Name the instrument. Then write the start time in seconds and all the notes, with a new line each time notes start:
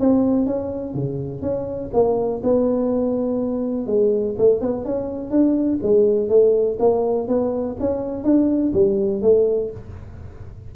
tuba
0.00 C4
0.46 C#4
0.94 C#3
1.42 C#4
1.93 A#3
2.43 B3
3.87 G#3
4.38 A3
4.61 B3
4.85 C#4
5.31 D4
5.82 G#3
6.29 A3
6.80 A#3
7.28 B3
7.80 C#4
8.24 D4
8.73 G3
9.22 A3